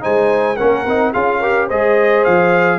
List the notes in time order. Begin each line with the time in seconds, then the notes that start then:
0.00 G#3 D#4 C5 G#5
0.57 A#3 C#4 A#4 F#5
0.86 C4 D#4
1.12 C#4 F4 G#4 F5
1.40 G4 A#4
1.68 G#3 G#4 C5 D#5
2.24 F3 F5